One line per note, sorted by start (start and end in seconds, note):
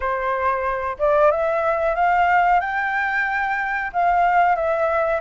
0.00 0.97 C5
0.98 1.31 D5
1.31 1.95 E5
1.95 2.60 F5
2.60 3.91 G5
3.92 4.55 F5
4.55 5.21 E5